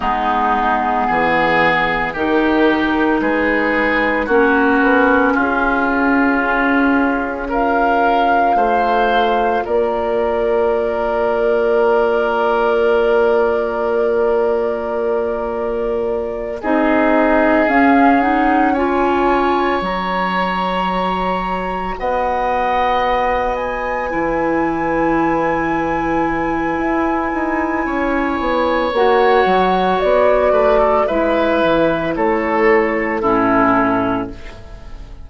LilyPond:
<<
  \new Staff \with { instrumentName = "flute" } { \time 4/4 \tempo 4 = 56 gis'2 ais'4 b'4 | ais'4 gis'2 f''4~ | f''4 d''2.~ | d''2.~ d''8 dis''8~ |
dis''8 f''8 fis''8 gis''4 ais''4.~ | ais''8 fis''4. gis''2~ | gis''2. fis''4 | d''4 e''4 cis''4 a'4 | }
  \new Staff \with { instrumentName = "oboe" } { \time 4/4 dis'4 gis'4 g'4 gis'4 | fis'4 f'2 ais'4 | c''4 ais'2.~ | ais'2.~ ais'8 gis'8~ |
gis'4. cis''2~ cis''8~ | cis''8 dis''2 b'4.~ | b'2 cis''2~ | cis''8 b'16 a'16 b'4 a'4 e'4 | }
  \new Staff \with { instrumentName = "clarinet" } { \time 4/4 b2 dis'2 | cis'2. f'4~ | f'1~ | f'2.~ f'8 dis'8~ |
dis'8 cis'8 dis'8 f'4 fis'4.~ | fis'2~ fis'8 e'4.~ | e'2. fis'4~ | fis'4 e'2 cis'4 | }
  \new Staff \with { instrumentName = "bassoon" } { \time 4/4 gis4 e4 dis4 gis4 | ais8 b8 cis'2. | a4 ais2.~ | ais2.~ ais8 c'8~ |
c'8 cis'2 fis4.~ | fis8 b2 e4.~ | e4 e'8 dis'8 cis'8 b8 ais8 fis8 | b8 a8 gis8 e8 a4 a,4 | }
>>